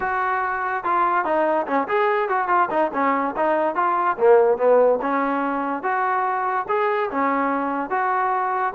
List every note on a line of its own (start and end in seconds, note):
0.00 0.84 F#4
0.84 1.24 F4
1.24 1.66 D#4
1.66 1.87 C#4
1.88 2.29 G#4
2.29 2.48 F#4
2.48 2.68 F4
2.70 2.91 D#4
2.93 3.35 C#4
3.36 3.75 D#4
3.75 4.16 F4
4.17 4.57 A#3
4.57 4.99 B3
5.01 5.82 C#4
5.82 6.66 F#4
6.68 7.10 G#4
7.10 7.90 C#4
7.90 8.73 F#4